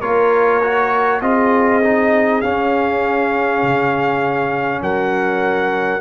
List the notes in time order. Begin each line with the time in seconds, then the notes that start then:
0.00 A#3 F4 A#4 C#5
0.62 F#4
1.21 C4 F4 G#4 D#5
1.82 D#4
2.41 C#4 F5
3.62 C#3
4.81 F#3 A#4 F#5